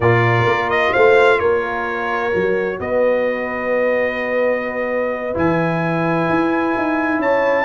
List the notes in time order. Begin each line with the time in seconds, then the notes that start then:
0.00 A#2 F4 A#4 D5
0.45 A#3
0.70 D#5
0.92 A3 C5 F5
1.39 A#3 A#4 C#5
2.32 F#3 F#4
2.79 B3 B4 D#5
5.33 E3 E4 G#5
6.29 E4
6.76 D#4
7.19 C#4 C#5 A5